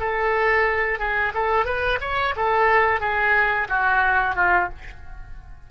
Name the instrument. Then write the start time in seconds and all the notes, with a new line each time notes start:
oboe
0.00 A4
0.99 G#4
1.35 A4
1.66 B4
2.01 C#5
2.37 A4
3.01 G#4
3.69 F#4
4.36 F4